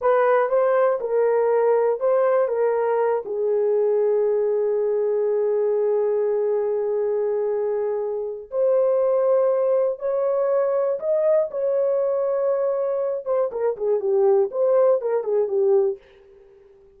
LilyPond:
\new Staff \with { instrumentName = "horn" } { \time 4/4 \tempo 4 = 120 b'4 c''4 ais'2 | c''4 ais'4. gis'4.~ | gis'1~ | gis'1~ |
gis'4 c''2. | cis''2 dis''4 cis''4~ | cis''2~ cis''8 c''8 ais'8 gis'8 | g'4 c''4 ais'8 gis'8 g'4 | }